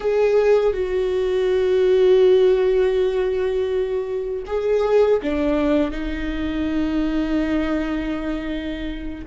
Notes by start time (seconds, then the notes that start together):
0.00 G#4
0.73 F#4
4.46 G#4
5.22 D4
5.91 D#4